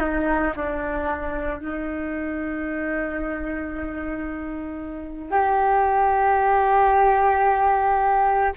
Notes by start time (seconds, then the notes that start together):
0.00 D#4
0.56 D4
1.59 D#4
5.32 G4